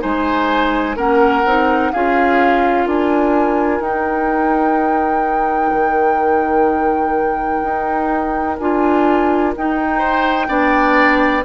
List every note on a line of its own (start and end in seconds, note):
0.00 0.97 G#3
0.00 0.95 D#4
0.00 0.97 C5
0.00 0.97 G#5
0.97 1.44 A#3
0.97 1.44 C#4
0.97 1.92 A#4
0.97 1.93 F#5
1.45 1.93 C4
1.45 1.94 D#4
1.93 2.87 C#4
1.93 3.82 F4
1.93 2.86 G#4
1.93 2.88 F5
2.86 3.80 D4
2.86 9.99 A#4
2.86 3.82 G#5
3.80 5.71 D#4
3.80 8.59 D#4
3.80 8.58 G5
5.73 7.63 D#3
7.63 8.59 D#4
8.59 9.55 D4
8.59 9.56 F4
8.59 9.54 G#5
9.56 10.48 D#4
9.56 10.49 D#4
9.56 11.45 G5
9.99 10.46 C5
10.48 11.44 B3
10.48 11.43 D4
10.48 11.44 D5